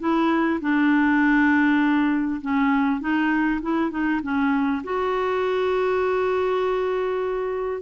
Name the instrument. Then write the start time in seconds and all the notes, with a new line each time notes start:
clarinet
0.00 E4
0.61 D4
2.42 C#4
3.01 D#4
3.62 E4
3.91 D#4
4.23 C#4
4.84 F#4